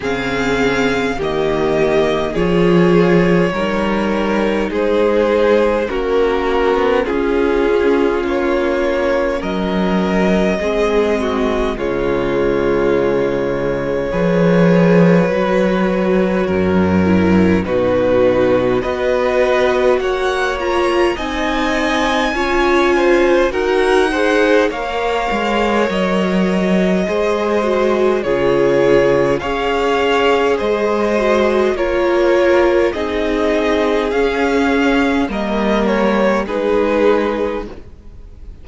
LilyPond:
<<
  \new Staff \with { instrumentName = "violin" } { \time 4/4 \tempo 4 = 51 f''4 dis''4 cis''2 | c''4 ais'4 gis'4 cis''4 | dis''2 cis''2~ | cis''2. b'4 |
dis''4 fis''8 ais''8 gis''2 | fis''4 f''4 dis''2 | cis''4 f''4 dis''4 cis''4 | dis''4 f''4 dis''8 cis''8 b'4 | }
  \new Staff \with { instrumentName = "violin" } { \time 4/4 gis'4 g'4 gis'4 ais'4 | gis'4 fis'4 f'2 | ais'4 gis'8 fis'8 f'2 | b'2 ais'4 fis'4 |
b'4 cis''4 dis''4 cis''8 c''8 | ais'8 c''8 cis''2 c''4 | gis'4 cis''4 c''4 ais'4 | gis'2 ais'4 gis'4 | }
  \new Staff \with { instrumentName = "viola" } { \time 4/4 c'4 ais4 f'4 dis'4~ | dis'4 cis'2.~ | cis'4 c'4 gis2 | gis'4 fis'4. e'8 dis'4 |
fis'4. f'8 dis'4 f'4 | fis'8 gis'8 ais'2 gis'8 fis'8 | f'4 gis'4. fis'8 f'4 | dis'4 cis'4 ais4 dis'4 | }
  \new Staff \with { instrumentName = "cello" } { \time 4/4 cis4 dis4 f4 g4 | gis4 ais8. b16 cis'4 ais4 | fis4 gis4 cis2 | f4 fis4 fis,4 b,4 |
b4 ais4 c'4 cis'4 | dis'4 ais8 gis8 fis4 gis4 | cis4 cis'4 gis4 ais4 | c'4 cis'4 g4 gis4 | }
>>